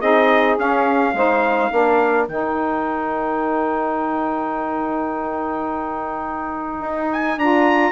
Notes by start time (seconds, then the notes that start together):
0.00 C4 D#4 G#4 D#5
0.57 C#4 F5
1.14 G#3 D#4 C5
1.71 A#3 D4 A#4
2.28 D#3 D#4 G5
6.81 D#4
7.12 G#5
7.38 D4 F4 A#5